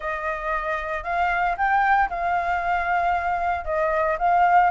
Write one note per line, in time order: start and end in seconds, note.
0.00 1.03 D#5
1.03 1.55 F5
1.57 2.09 G5
2.09 3.65 F5
3.65 4.17 D#5
4.18 4.70 F5